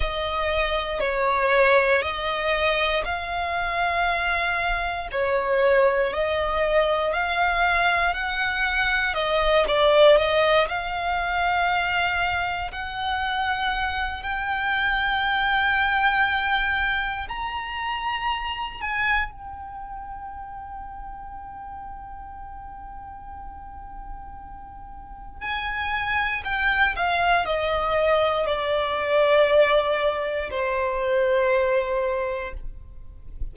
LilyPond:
\new Staff \with { instrumentName = "violin" } { \time 4/4 \tempo 4 = 59 dis''4 cis''4 dis''4 f''4~ | f''4 cis''4 dis''4 f''4 | fis''4 dis''8 d''8 dis''8 f''4.~ | f''8 fis''4. g''2~ |
g''4 ais''4. gis''8 g''4~ | g''1~ | g''4 gis''4 g''8 f''8 dis''4 | d''2 c''2 | }